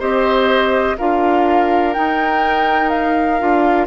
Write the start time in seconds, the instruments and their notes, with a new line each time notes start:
0.00 bassoon C4, clarinet G4, oboe C5, flute D#5
0.98 bassoon D4, clarinet F4, oboe A#4, flute F5
1.94 clarinet D#4, bassoon D#4, flute G5
2.90 flute F5
3.39 bassoon D4, clarinet F4